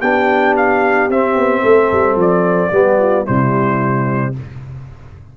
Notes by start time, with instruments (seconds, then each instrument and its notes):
0.00 tuba B3, trombone D4, horn G4, trumpet G5
0.56 trumpet F5
1.09 tuba C4, trombone C4, trumpet E5
1.35 tuba B3
1.62 tuba A3, horn A4
1.92 tuba G3
2.15 tuba F3, trumpet D5
2.72 tuba G3, trombone B3, horn G4
2.99 horn F4
3.24 tuba C3, trombone G3, horn E4, trumpet C5